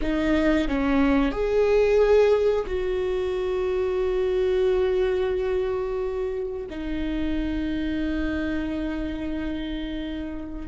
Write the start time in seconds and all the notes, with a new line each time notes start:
0.01 D#4
0.68 C#4
1.32 G#4
2.66 F#4
6.70 D#4